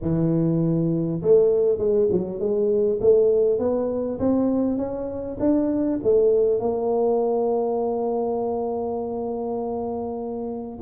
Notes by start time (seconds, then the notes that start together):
0.01 E3
1.22 A3
1.78 G#3
2.11 F#3
2.39 G#3
3.01 A3
3.58 B3
4.19 C4
4.77 C#4
5.39 D4
6.03 A3
6.59 A#3